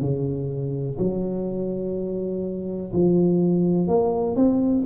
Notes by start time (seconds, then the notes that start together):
0.00 C#3
0.98 F#3
2.93 F3
3.87 A#3
4.35 C4